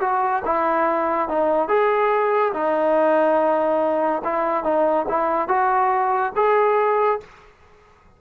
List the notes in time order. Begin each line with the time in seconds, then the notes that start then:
0.00 F#4
0.45 E4
1.28 D#4
1.68 G#4
2.53 D#4
4.24 E4
4.63 D#4
5.09 E4
5.48 F#4
6.36 G#4